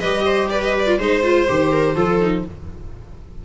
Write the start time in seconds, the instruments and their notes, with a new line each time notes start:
0.00 tuba G3, viola G4 B4, violin D#5
0.26 viola C5
0.50 viola B4, violin D5
0.64 violin D#5
0.79 violin D5
0.87 viola F4
0.98 tuba G#3, viola D#4 C5, violin C5
1.23 viola F4
1.48 tuba D#3, viola G4
1.72 viola A#4
1.96 tuba F3, viola F4 A4
2.21 viola D#4